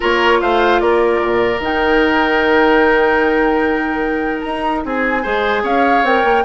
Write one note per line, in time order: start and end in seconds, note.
0.00 0.41 A#3
0.00 1.59 F4
0.00 0.38 A#4
0.00 0.40 C#5
0.40 0.81 A3
0.40 0.81 C5
0.40 0.79 F5
0.79 1.21 A#3
0.79 4.84 A#4
0.79 1.60 D5
1.21 1.59 A#2
1.59 4.41 D#3
1.59 5.24 D#4
1.59 4.41 G5
4.41 4.84 D#4
4.41 4.81 A#5
4.84 5.24 C4
4.84 5.22 G#4
4.84 5.65 G#5
5.22 5.63 G#3
5.22 6.04 G#4
5.22 5.62 C5
5.63 6.02 C#4
5.63 6.43 C#5
5.63 6.05 F5
6.02 6.22 C4
6.02 6.44 A#4
6.02 6.44 G5
6.24 6.44 A#3